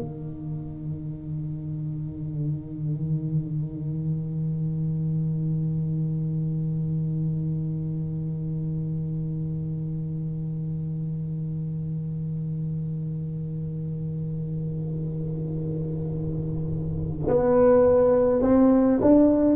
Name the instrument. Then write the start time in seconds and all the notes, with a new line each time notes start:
tuba
0.00 D#3
17.28 B3
18.42 C4
19.01 D4